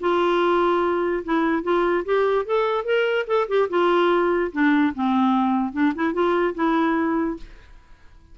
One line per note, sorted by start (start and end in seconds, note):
0.00 1.23 F4
1.24 1.63 E4
1.63 2.04 F4
2.05 2.45 G4
2.45 2.85 A4
2.85 3.26 A#4
3.27 3.47 A4
3.48 3.69 G4
3.69 4.51 F4
4.52 4.93 D4
4.94 5.72 C4
5.72 5.93 D4
5.95 6.13 E4
6.13 6.54 F4
6.55 7.37 E4